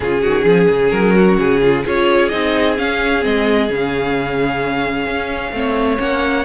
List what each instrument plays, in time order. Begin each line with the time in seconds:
0.00 cello C#3, viola C#4, violin F4 G#4
0.21 cello D#3, violin F#4
0.45 cello F3, violin G#4
0.69 cello C#3
0.90 cello F#3, violin A#4
1.14 violin F#4
1.37 cello C#3, violin G#4
1.61 violin F4
1.84 cello C#4, viola F4, violin G#4 C#5
2.28 cello C4, viola D#4, violin D#5
2.77 viola C#4, cello C#4, violin F5
3.21 cello G#3, viola C4, violin D#5
3.69 cello C#3, viola C#4, violin F5
5.06 cello C#4
5.52 cello A3, viola C4, violin C#5
5.97 cello A#3, viola C#4, violin F#5